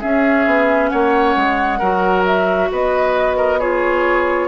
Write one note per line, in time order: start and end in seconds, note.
0.00 1.79 C#4
0.00 0.46 C#4
0.00 0.90 G#4
0.00 0.89 E5
0.46 0.90 B3
0.89 1.35 A#3
0.89 1.79 C#5
0.89 2.23 F#5
1.35 1.80 G#3
1.79 2.70 F#3
1.79 3.60 F#4
1.79 2.68 A#4
2.25 2.70 E5
2.71 4.48 B3
2.71 3.37 B4
2.71 3.59 D#5
3.37 3.59 A#4
3.59 4.48 F4
3.59 4.48 G#4
3.59 4.48 C#5